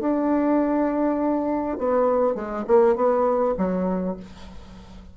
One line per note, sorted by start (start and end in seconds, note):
0.00 1.78 D4
1.78 2.35 B3
2.35 2.65 G#3
2.67 2.95 A#3
2.95 3.55 B3
3.58 4.17 F#3